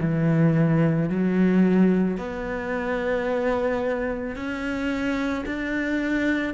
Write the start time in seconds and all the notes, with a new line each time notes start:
0.00 E3
1.09 F#3
2.17 B3
4.35 C#4
5.45 D4